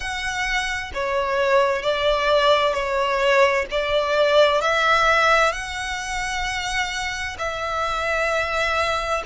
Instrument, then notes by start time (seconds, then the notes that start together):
violin
0.00 F#5
0.94 C#5
1.82 D5
2.73 C#5
3.70 D5
4.61 E5
5.52 F#5
7.38 E5